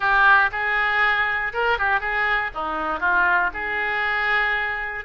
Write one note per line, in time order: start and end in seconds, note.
0.00 0.50 G4
0.51 1.52 G#4
1.53 1.78 A#4
1.78 2.00 G4
2.00 2.50 G#4
2.54 3.00 D#4
3.00 3.50 F4
3.53 5.04 G#4